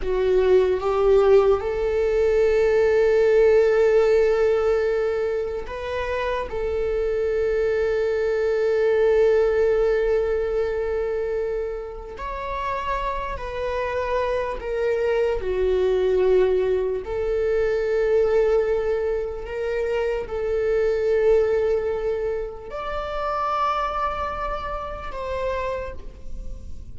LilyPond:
\new Staff \with { instrumentName = "viola" } { \time 4/4 \tempo 4 = 74 fis'4 g'4 a'2~ | a'2. b'4 | a'1~ | a'2. cis''4~ |
cis''8 b'4. ais'4 fis'4~ | fis'4 a'2. | ais'4 a'2. | d''2. c''4 | }